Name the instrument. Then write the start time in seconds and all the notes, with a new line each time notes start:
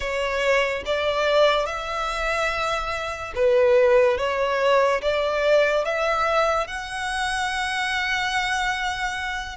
violin
0.00 C#5
0.85 D5
1.66 E5
3.35 B4
4.17 C#5
5.01 D5
5.84 E5
6.67 F#5